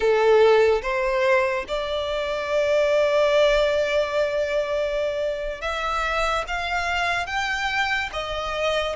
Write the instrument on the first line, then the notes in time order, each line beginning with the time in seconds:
violin
0.00 A4
0.81 C5
1.68 D5
5.61 E5
6.47 F5
7.26 G5
8.12 D#5